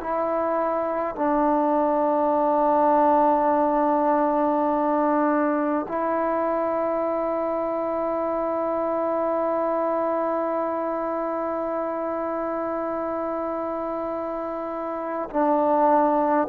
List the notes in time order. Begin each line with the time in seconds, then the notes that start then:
0.00 E4
1.16 D4
5.88 E4
15.30 D4